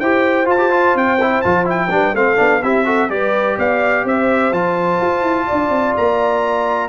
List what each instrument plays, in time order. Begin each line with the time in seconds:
0.00 tuba E4, trombone G4, horn C5, trumpet G5
0.46 trombone F4, tuba F4, trumpet A5
0.58 trombone G4
0.71 trombone F4
0.95 tuba C4, trumpet G5
1.21 trombone E4
1.42 tuba F3, trombone F4, trumpet A5
1.65 trombone E4, trumpet G5
1.91 tuba G3, trombone D4, horn B4
2.14 tuba A3, trombone C4, horn A4, trumpet F5
2.37 tuba B3, trombone D4
2.63 tuba C4, trombone E4, horn G4, trumpet E5
2.85 trombone F#4, horn A4
3.09 tuba G3, trombone G4, horn B4, trumpet D5
3.58 tuba B3, horn D5, trumpet F5
4.05 tuba C4, horn C5, trumpet E5
4.52 tuba F3, trombone F4, trumpet A5
5.01 tuba F4
5.22 tuba E4
5.47 tuba D4, horn D5
5.70 tuba C4
5.97 tuba A#3, trumpet A#5